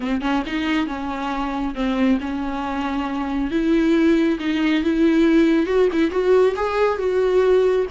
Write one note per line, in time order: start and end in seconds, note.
0.00 0.21 C4
0.21 0.43 C#4
0.46 0.86 D#4
0.86 1.74 C#4
1.74 2.18 C4
2.20 3.50 C#4
3.50 4.38 E4
4.39 4.83 D#4
4.83 5.66 E4
5.66 5.88 F#4
5.92 6.11 E4
6.11 6.54 F#4
6.56 6.98 G#4
6.98 7.86 F#4